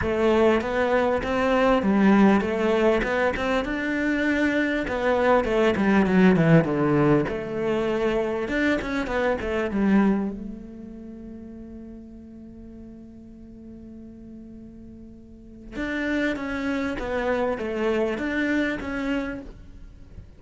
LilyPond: \new Staff \with { instrumentName = "cello" } { \time 4/4 \tempo 4 = 99 a4 b4 c'4 g4 | a4 b8 c'8 d'2 | b4 a8 g8 fis8 e8 d4 | a2 d'8 cis'8 b8 a8 |
g4 a2.~ | a1~ | a2 d'4 cis'4 | b4 a4 d'4 cis'4 | }